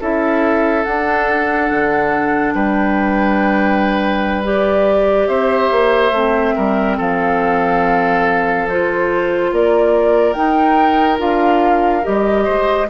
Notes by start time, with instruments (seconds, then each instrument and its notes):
0.00 bassoon C#4, clarinet E4, oboe A4, flute E5
0.83 clarinet D4, bassoon D4, flute F#5
1.70 bassoon D3
2.54 bassoon G3, oboe B4, flute G5
4.43 clarinet G4, flute D5
5.27 bassoon C4, oboe C5, flute E5
5.71 bassoon A#3
6.11 bassoon A3, clarinet C4
6.55 bassoon G3, oboe A#4
6.97 bassoon F3, oboe A4, flute F5
8.68 clarinet F4, flute C5
9.52 bassoon A#3, oboe A#4, flute D5
10.33 clarinet D#4, bassoon D#4, flute G5
11.18 bassoon D4, clarinet F4, flute F5
12.02 bassoon G3, clarinet G4, flute D#5
12.44 bassoon G#3, oboe C5